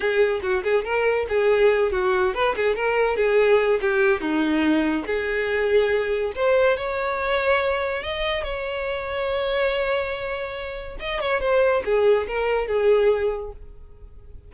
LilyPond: \new Staff \with { instrumentName = "violin" } { \time 4/4 \tempo 4 = 142 gis'4 fis'8 gis'8 ais'4 gis'4~ | gis'8 fis'4 b'8 gis'8 ais'4 gis'8~ | gis'4 g'4 dis'2 | gis'2. c''4 |
cis''2. dis''4 | cis''1~ | cis''2 dis''8 cis''8 c''4 | gis'4 ais'4 gis'2 | }